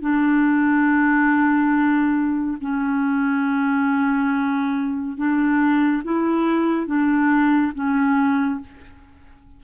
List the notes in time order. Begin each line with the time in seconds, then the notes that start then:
0.00 D4
2.61 C#4
5.17 D4
6.04 E4
6.86 D4
7.74 C#4